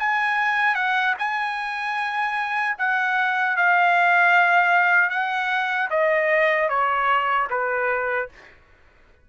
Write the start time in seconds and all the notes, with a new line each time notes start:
0.00 G#5
0.75 F#5
1.19 G#5
2.79 F#5
3.57 F5
5.10 F#5
5.91 D#5
6.70 C#5
7.51 B4